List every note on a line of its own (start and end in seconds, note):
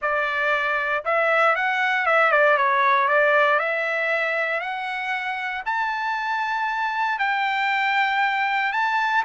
0.01 1.04 D5
1.04 1.55 E5
1.55 2.06 F#5
2.06 2.31 E5
2.31 2.57 D5
2.57 3.08 C#5
3.08 3.59 D5
3.59 4.60 E5
4.60 5.62 F#5
5.65 7.18 A5
7.18 8.72 G5
8.72 9.23 A5